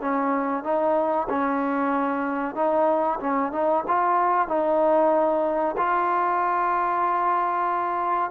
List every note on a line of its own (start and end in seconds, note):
0.00 0.64 C#4
0.64 1.27 D#4
1.29 2.55 C#4
2.55 3.19 D#4
3.20 3.52 C#4
3.52 3.84 D#4
3.87 4.47 F4
4.47 5.75 D#4
5.77 8.31 F4